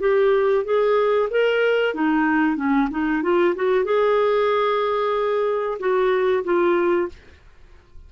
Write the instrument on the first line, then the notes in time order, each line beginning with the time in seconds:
clarinet
0.00 G4
0.65 G#4
1.30 A#4
1.94 D#4
2.56 C#4
2.91 D#4
3.23 F4
3.55 F#4
3.85 G#4
5.79 F#4
6.44 F4